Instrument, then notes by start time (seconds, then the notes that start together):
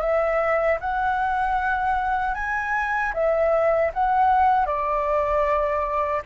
flute
0.00 E5
0.80 F#5
2.34 G#5
3.13 E5
3.93 F#5
4.66 D5